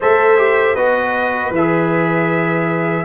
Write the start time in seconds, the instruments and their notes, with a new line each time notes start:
0.00 tuba A3, trombone A4, horn C5, trumpet E5
0.37 trombone G4
0.74 tuba B3, trombone F#4, horn B4, trumpet D#5
1.50 tuba E3, trumpet E5
1.57 trombone G#4